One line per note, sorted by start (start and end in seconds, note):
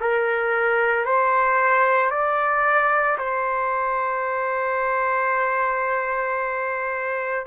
0.00 1.05 A#4
1.05 2.10 C5
2.10 3.18 D5
3.18 7.46 C5